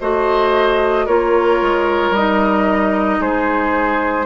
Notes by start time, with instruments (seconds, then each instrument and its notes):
0.00 bassoon A3, clarinet F#4, oboe C5, flute D#5
1.05 bassoon A#3, clarinet F4, oboe A#4, flute C#5
1.61 bassoon G#3
2.10 bassoon G3, clarinet D#4, flute D#5
3.20 bassoon G#3, oboe G#4, flute C5